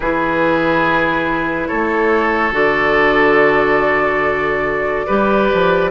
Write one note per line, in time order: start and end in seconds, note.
0.00 1.68 E3
0.00 2.52 E4
0.00 1.68 G#4
0.00 1.68 B4
1.68 2.51 A3
1.68 5.06 A4
1.68 2.52 C#5
2.51 5.05 D3
2.51 5.05 F#4
2.51 5.90 D5
5.06 5.51 G3
5.06 5.90 G4
5.06 5.90 B4
5.53 5.90 F3